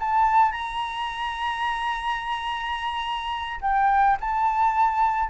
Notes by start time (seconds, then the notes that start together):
0.00 A5
0.51 A#5
3.61 G5
4.20 A5